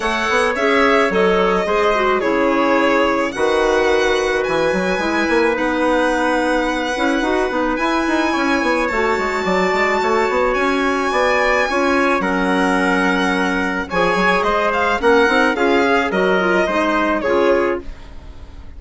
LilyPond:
<<
  \new Staff \with { instrumentName = "violin" } { \time 4/4 \tempo 4 = 108 fis''4 e''4 dis''2 | cis''2 fis''2 | gis''2 fis''2~ | fis''2 gis''2 |
a''2. gis''4~ | gis''2 fis''2~ | fis''4 gis''4 dis''8 f''8 fis''4 | f''4 dis''2 cis''4 | }
  \new Staff \with { instrumentName = "trumpet" } { \time 4/4 cis''2. c''4 | gis'2 b'2~ | b'1~ | b'2. cis''4~ |
cis''4 d''4 cis''2 | d''4 cis''4 ais'2~ | ais'4 cis''4 c''4 ais'4 | gis'4 ais'4 c''4 gis'4 | }
  \new Staff \with { instrumentName = "clarinet" } { \time 4/4 a'4 gis'4 a'4 gis'8 fis'8 | e'2 fis'2~ | fis'4 e'4 dis'2~ | dis'8 e'8 fis'8 dis'8 e'2 |
fis'1~ | fis'4 f'4 cis'2~ | cis'4 gis'2 cis'8 dis'8 | f'8 gis'8 fis'8 f'8 dis'4 f'4 | }
  \new Staff \with { instrumentName = "bassoon" } { \time 4/4 a8 b8 cis'4 fis4 gis4 | cis2 dis2 | e8 fis8 gis8 ais8 b2~ | b8 cis'8 dis'8 b8 e'8 dis'8 cis'8 b8 |
a8 gis8 fis8 gis8 a8 b8 cis'4 | b4 cis'4 fis2~ | fis4 f8 fis8 gis4 ais8 c'8 | cis'4 fis4 gis4 cis4 | }
>>